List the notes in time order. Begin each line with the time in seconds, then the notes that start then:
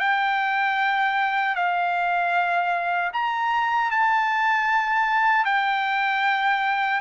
0.00 G5
1.56 F5
3.13 A#5
3.91 A5
5.45 G5